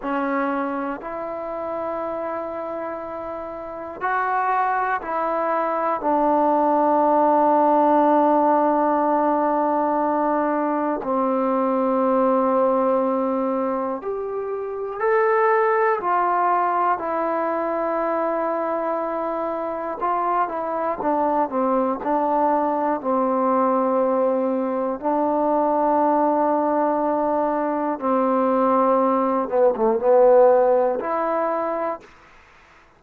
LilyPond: \new Staff \with { instrumentName = "trombone" } { \time 4/4 \tempo 4 = 60 cis'4 e'2. | fis'4 e'4 d'2~ | d'2. c'4~ | c'2 g'4 a'4 |
f'4 e'2. | f'8 e'8 d'8 c'8 d'4 c'4~ | c'4 d'2. | c'4. b16 a16 b4 e'4 | }